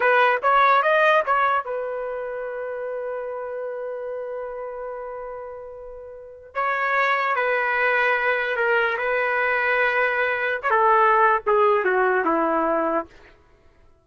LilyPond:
\new Staff \with { instrumentName = "trumpet" } { \time 4/4 \tempo 4 = 147 b'4 cis''4 dis''4 cis''4 | b'1~ | b'1~ | b'1 |
cis''2 b'2~ | b'4 ais'4 b'2~ | b'2 cis''16 a'4.~ a'16 | gis'4 fis'4 e'2 | }